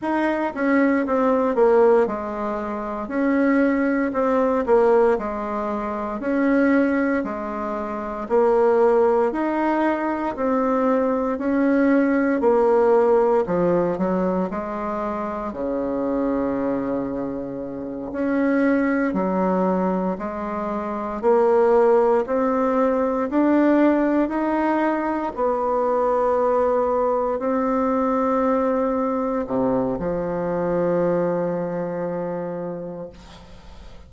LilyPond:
\new Staff \with { instrumentName = "bassoon" } { \time 4/4 \tempo 4 = 58 dis'8 cis'8 c'8 ais8 gis4 cis'4 | c'8 ais8 gis4 cis'4 gis4 | ais4 dis'4 c'4 cis'4 | ais4 f8 fis8 gis4 cis4~ |
cis4. cis'4 fis4 gis8~ | gis8 ais4 c'4 d'4 dis'8~ | dis'8 b2 c'4.~ | c'8 c8 f2. | }